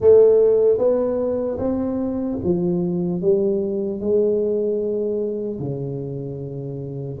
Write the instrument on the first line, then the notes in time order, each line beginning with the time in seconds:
tuba
0.00 A3
0.77 B3
1.58 C4
2.44 F3
3.21 G3
4.00 G#3
5.59 C#3